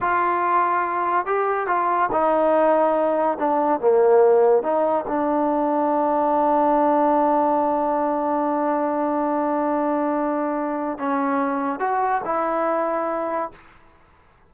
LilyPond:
\new Staff \with { instrumentName = "trombone" } { \time 4/4 \tempo 4 = 142 f'2. g'4 | f'4 dis'2. | d'4 ais2 dis'4 | d'1~ |
d'1~ | d'1~ | d'2 cis'2 | fis'4 e'2. | }